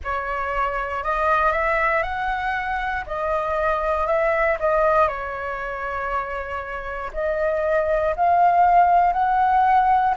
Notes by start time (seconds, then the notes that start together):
0.04 C#5
1.03 D#5
1.52 E5
2.02 F#5
3.06 D#5
4.06 E5
4.59 D#5
5.08 C#5
7.13 D#5
8.16 F5
9.12 F#5